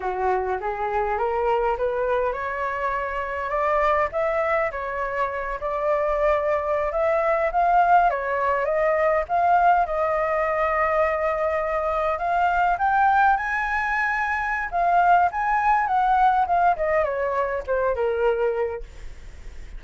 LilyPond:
\new Staff \with { instrumentName = "flute" } { \time 4/4 \tempo 4 = 102 fis'4 gis'4 ais'4 b'4 | cis''2 d''4 e''4 | cis''4. d''2~ d''16 e''16~ | e''8. f''4 cis''4 dis''4 f''16~ |
f''8. dis''2.~ dis''16~ | dis''8. f''4 g''4 gis''4~ gis''16~ | gis''4 f''4 gis''4 fis''4 | f''8 dis''8 cis''4 c''8 ais'4. | }